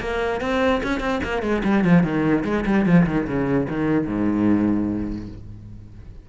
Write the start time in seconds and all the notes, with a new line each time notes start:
0.00 A#3
0.41 C4
0.83 C#4
1.00 C4
1.23 A#3
1.42 G#3
1.64 G3
1.84 F3
2.03 D#3
2.44 G#3
2.65 G3
2.85 F3
3.06 D#3
3.27 C#3
3.69 D#3
4.06 G#2